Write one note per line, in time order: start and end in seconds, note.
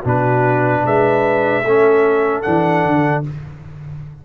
0.00 0.85 B2
0.00 1.64 D4
0.00 0.80 F#4
0.08 0.86 B4
0.84 1.64 G#3
0.84 1.64 B4
0.84 2.42 E5
1.64 2.44 A3
1.64 2.43 C#4
1.64 3.24 A4
2.42 2.85 E3
2.42 3.23 D4
2.42 3.22 F#5
2.85 3.25 D3